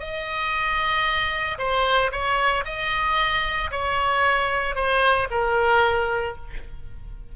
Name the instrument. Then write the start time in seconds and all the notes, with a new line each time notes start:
oboe
0.00 D#5
1.58 C5
2.12 C#5
2.66 D#5
3.71 C#5
4.76 C5
5.31 A#4